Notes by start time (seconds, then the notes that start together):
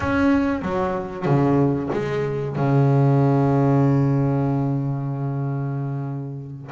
0.00 C#4
0.62 F#3
1.25 C#3
1.92 G#3
2.55 C#3